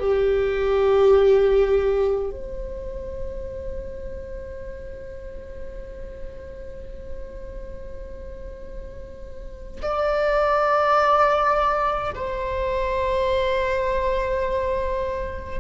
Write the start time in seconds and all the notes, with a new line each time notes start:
0.00 G4
2.31 C5
9.82 D5
12.15 C5